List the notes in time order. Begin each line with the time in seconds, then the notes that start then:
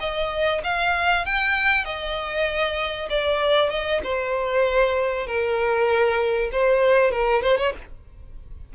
0.00 D#5
0.64 F5
1.26 G5
1.85 D#5
3.10 D5
3.70 D#5
4.04 C5
5.27 A#4
6.52 C5
7.12 A#4
7.43 C5
7.58 C#5